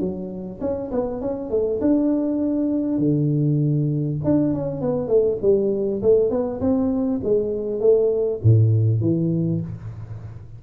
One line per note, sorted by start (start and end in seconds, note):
0.00 0.60 F#3
0.61 0.91 C#4
0.92 1.21 B3
1.21 1.50 C#4
1.50 1.80 A3
1.81 2.98 D4
2.98 4.18 D3
4.24 4.54 D4
4.54 4.81 C#4
4.81 5.08 B3
5.08 5.38 A3
5.42 6.02 G3
6.02 6.30 A3
6.30 6.60 B3
6.61 7.21 C4
7.24 7.80 G#3
7.80 8.40 A3
8.43 9.01 A2
9.01 9.61 E3